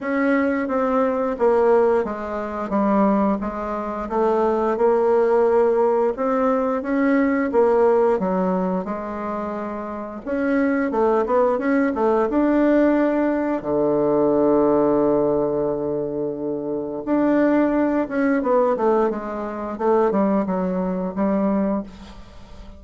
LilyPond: \new Staff \with { instrumentName = "bassoon" } { \time 4/4 \tempo 4 = 88 cis'4 c'4 ais4 gis4 | g4 gis4 a4 ais4~ | ais4 c'4 cis'4 ais4 | fis4 gis2 cis'4 |
a8 b8 cis'8 a8 d'2 | d1~ | d4 d'4. cis'8 b8 a8 | gis4 a8 g8 fis4 g4 | }